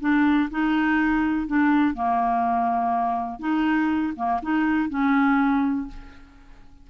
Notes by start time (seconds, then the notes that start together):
0.00 D4
0.50 D#4
1.47 D4
1.94 A#3
3.40 D#4
4.16 A#3
4.42 D#4
4.89 C#4